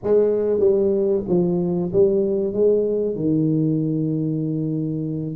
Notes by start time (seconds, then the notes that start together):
0.03 G#3
0.59 G3
1.28 F3
1.93 G3
2.53 G#3
3.15 D#3